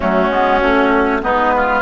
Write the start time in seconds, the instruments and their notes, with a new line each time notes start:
0.00 bassoon F#3, clarinet A3, oboe C#4, flute F#4
0.30 bassoon G#3, clarinet B3
0.61 bassoon A3, clarinet C#4
1.21 bassoon G#3, clarinet B3, oboe D#4, flute B4
1.56 oboe F4